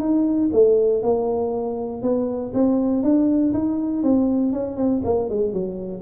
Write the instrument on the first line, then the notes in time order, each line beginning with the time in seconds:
tuba
0.00 D#4
0.53 A3
1.03 A#3
2.02 B3
2.54 C4
3.03 D4
3.54 D#4
4.03 C4
4.53 C#4
4.77 C4
5.05 A#3
5.30 G#3
5.53 F#3